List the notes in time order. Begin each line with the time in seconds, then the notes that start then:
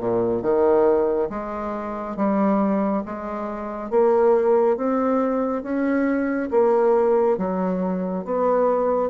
0.00 A#2
0.42 D#3
1.30 G#3
2.16 G3
3.06 G#3
3.91 A#3
4.77 C4
5.63 C#4
6.51 A#3
7.38 F#3
8.25 B3